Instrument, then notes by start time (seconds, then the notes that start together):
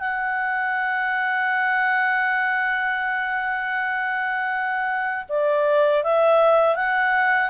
clarinet
0.00 F#5
5.29 D5
6.04 E5
6.76 F#5